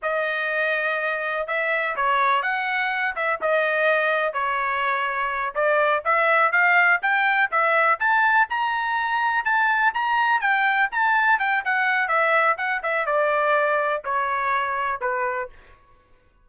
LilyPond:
\new Staff \with { instrumentName = "trumpet" } { \time 4/4 \tempo 4 = 124 dis''2. e''4 | cis''4 fis''4. e''8 dis''4~ | dis''4 cis''2~ cis''8 d''8~ | d''8 e''4 f''4 g''4 e''8~ |
e''8 a''4 ais''2 a''8~ | a''8 ais''4 g''4 a''4 g''8 | fis''4 e''4 fis''8 e''8 d''4~ | d''4 cis''2 b'4 | }